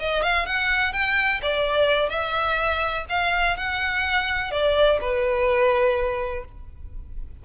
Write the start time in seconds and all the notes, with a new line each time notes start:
0.00 D#5
0.23 F5
0.46 F#5
0.93 G5
1.42 D5
2.09 E5
3.09 F5
3.57 F#5
4.51 D5
5.01 B4